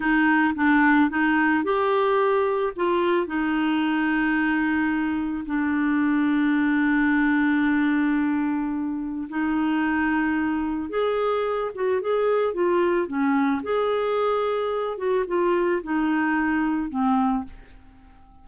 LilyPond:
\new Staff \with { instrumentName = "clarinet" } { \time 4/4 \tempo 4 = 110 dis'4 d'4 dis'4 g'4~ | g'4 f'4 dis'2~ | dis'2 d'2~ | d'1~ |
d'4 dis'2. | gis'4. fis'8 gis'4 f'4 | cis'4 gis'2~ gis'8 fis'8 | f'4 dis'2 c'4 | }